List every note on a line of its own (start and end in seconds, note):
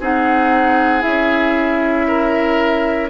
0.00 1.03 C4
0.00 1.01 D#4
0.00 2.07 G#4
0.00 1.02 F#5
1.01 3.09 C#4
1.01 3.08 E4
1.01 3.09 E5
2.07 3.09 A#4